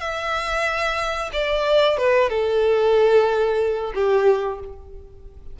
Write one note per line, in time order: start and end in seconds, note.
0.00 1.30 E5
1.33 1.97 D5
1.97 2.29 B4
2.29 3.92 A4
3.94 4.59 G4